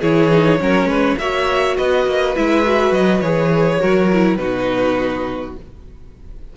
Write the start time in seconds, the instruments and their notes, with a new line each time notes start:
0.00 cello E3, viola E4, violin G#4 C#5
0.31 viola D#4
0.59 cello F#3, viola C#4, violin A#4
0.85 cello G#3, violin B4
1.18 cello A#3, viola F#4, violin C#5 E5
1.77 cello B3, violin B4 D#5
2.06 cello A#3
2.35 cello G#3, viola E4, violin E5
2.64 viola F#4
2.91 cello F#3, violin D#5
3.21 cello E3, viola G#4, violin C#5
3.79 cello F#3, viola F#4, violin A#4
4.13 viola E4
4.36 cello B2, viola D#4, violin F#4 B4